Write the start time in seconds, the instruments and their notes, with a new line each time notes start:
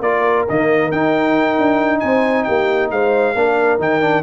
0.00 tuba A#3, trombone F4, horn A#4, trumpet D5
0.49 tuba D#3, trombone A#3, trumpet D#5
0.91 trombone D#4, tuba D#4, trumpet G5
1.58 tuba D4
2.00 tuba C4, horn C5, trumpet G#5
2.44 tuba A#3, horn G4, trumpet G5
2.91 tuba G#3, horn C5, trumpet F5
3.35 tuba A#3, trombone D4, horn A#4
3.79 tuba D#3, trombone D#4, trumpet G5
4.01 trombone D4